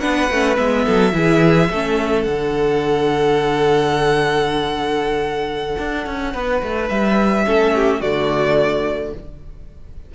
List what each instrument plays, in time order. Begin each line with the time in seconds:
0.00 cello B3, viola D4, violin B4 F#5
0.30 cello A3, viola C#4
0.57 cello G#3, viola B3, violin E5
0.85 cello F#3, violin A4
1.13 cello E3, viola E4, violin G#4
1.70 cello A3, viola C#4, violin A4
2.22 cello D3, viola D4, violin F#5
5.79 cello D4
6.06 cello C#4
6.33 cello B3, violin B4
6.63 cello A3
6.89 cello G3, violin E5
7.46 cello A3, viola C#4, violin A4
7.75 violin G4
8.00 cello D3, viola A3, violin F#4 D5